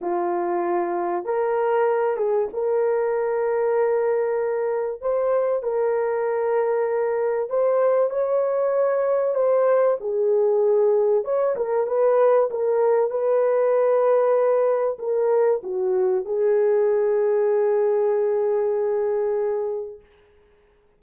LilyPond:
\new Staff \with { instrumentName = "horn" } { \time 4/4 \tempo 4 = 96 f'2 ais'4. gis'8 | ais'1 | c''4 ais'2. | c''4 cis''2 c''4 |
gis'2 cis''8 ais'8 b'4 | ais'4 b'2. | ais'4 fis'4 gis'2~ | gis'1 | }